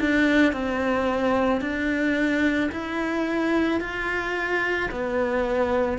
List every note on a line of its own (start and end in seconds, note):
0.00 0.53 D4
0.53 1.61 C4
1.61 2.70 D4
2.72 3.81 E4
3.81 4.90 F4
4.91 5.99 B3